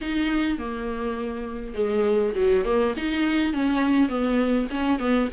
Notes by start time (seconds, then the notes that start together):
0.01 D#4
0.58 A#3
1.74 G#3
2.35 F#3
2.65 A#3
2.96 D#4
3.53 C#4
4.08 B3
4.70 C#4
4.99 B3